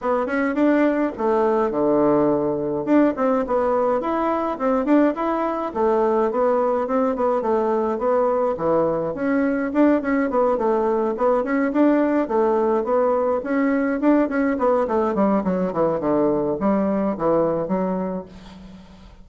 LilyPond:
\new Staff \with { instrumentName = "bassoon" } { \time 4/4 \tempo 4 = 105 b8 cis'8 d'4 a4 d4~ | d4 d'8 c'8 b4 e'4 | c'8 d'8 e'4 a4 b4 | c'8 b8 a4 b4 e4 |
cis'4 d'8 cis'8 b8 a4 b8 | cis'8 d'4 a4 b4 cis'8~ | cis'8 d'8 cis'8 b8 a8 g8 fis8 e8 | d4 g4 e4 fis4 | }